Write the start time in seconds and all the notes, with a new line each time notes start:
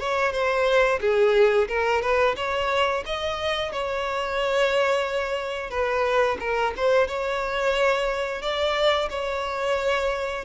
0.00 C#5
0.33 C5
1.01 G#4
1.69 A#4
2.02 B4
2.37 C#5
3.06 D#5
3.73 C#5
5.71 B4
6.40 A#4
6.77 C5
7.08 C#5
8.42 D5
9.10 C#5